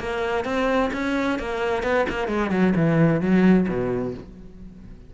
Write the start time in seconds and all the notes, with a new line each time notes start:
0.00 A#3
0.45 C4
0.93 C#4
1.39 A#3
1.83 B3
2.10 A#3
2.28 G#3
2.51 F#3
2.76 E3
3.21 F#3
3.68 B2